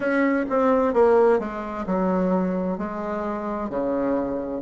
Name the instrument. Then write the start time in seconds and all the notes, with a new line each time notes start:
bassoon
0.00 C#4
0.49 C4
0.93 A#3
1.38 G#3
1.86 F#3
2.77 G#3
3.69 C#3